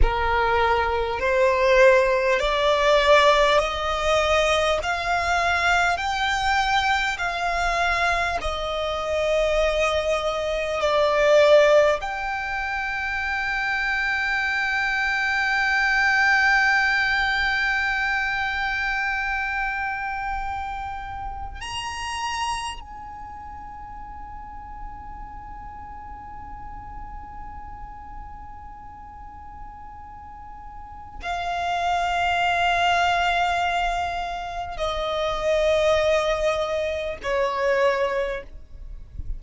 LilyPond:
\new Staff \with { instrumentName = "violin" } { \time 4/4 \tempo 4 = 50 ais'4 c''4 d''4 dis''4 | f''4 g''4 f''4 dis''4~ | dis''4 d''4 g''2~ | g''1~ |
g''2 ais''4 gis''4~ | gis''1~ | gis''2 f''2~ | f''4 dis''2 cis''4 | }